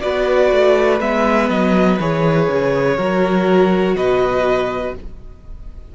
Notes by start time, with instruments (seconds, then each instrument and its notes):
0.00 cello B3, viola F#4, violin B4 D5
0.51 cello A3
1.00 cello G#3, viola B3, violin E5
1.49 cello F#3, violin D#5
2.00 cello E3, viola G#4, violin C#5
2.49 cello C#3
2.97 cello F#3, viola F#4, violin A#4
3.96 cello B2, violin B4 D#5